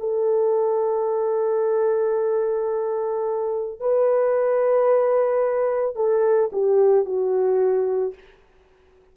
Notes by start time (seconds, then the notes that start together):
0.00 A4
3.80 B4
5.96 A4
6.53 G4
7.06 F#4